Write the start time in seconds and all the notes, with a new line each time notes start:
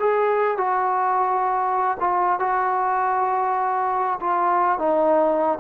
0.00 G#4
0.58 F#4
2.00 F4
2.40 F#4
4.21 F4
4.79 D#4